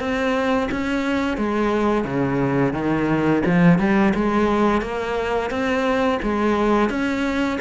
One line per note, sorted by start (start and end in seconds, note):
0.00 0.69 C4
0.71 1.38 C#4
1.38 2.04 G#3
2.04 2.73 C#3
2.73 3.42 D#3
3.46 3.79 F3
3.79 4.13 G3
4.14 4.82 G#3
4.82 5.50 A#3
5.50 6.19 C4
6.23 6.90 G#3
6.90 7.59 C#4